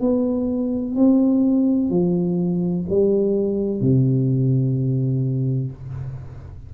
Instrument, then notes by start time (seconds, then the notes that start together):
tuba
0.00 B3
0.96 C4
1.90 F3
2.89 G3
3.81 C3